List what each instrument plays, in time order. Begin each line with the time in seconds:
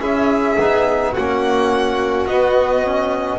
0.00 double bass C#4, trombone E4, violin G#4 E5
0.59 double bass B3, trombone D#4
1.12 double bass A#3, trombone C#4, violin F#4 F#5
2.27 double bass B3, trombone B3, violin D#5
2.83 trombone C#4